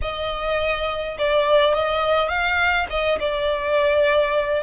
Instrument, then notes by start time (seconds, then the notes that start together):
violin
0.01 D#5
1.18 D5
1.74 D#5
2.28 F5
2.90 D#5
3.19 D5